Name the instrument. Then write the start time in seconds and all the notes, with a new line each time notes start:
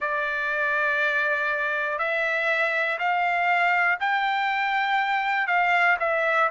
trumpet
0.00 D5
1.98 E5
2.99 F5
4.00 G5
5.47 F5
5.99 E5